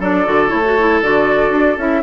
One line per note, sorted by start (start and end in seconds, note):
0.00 0.26 F#3
0.00 0.26 D4
0.00 2.02 A4
0.00 0.50 D5
0.26 0.52 D3
0.26 0.49 F#4
0.49 1.02 A3
0.49 0.61 E4
0.49 1.00 C#5
0.65 0.78 F#4
0.79 1.03 E4
1.02 1.50 D3
1.02 1.78 F#4
1.02 1.78 D5
1.50 1.75 D4
1.78 2.03 C#4
1.78 2.03 E4
1.78 2.03 E5